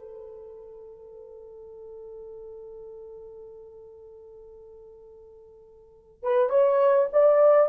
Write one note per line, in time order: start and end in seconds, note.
0.00 6.23 A4
6.23 6.50 B4
6.50 7.09 C#5
7.13 7.70 D5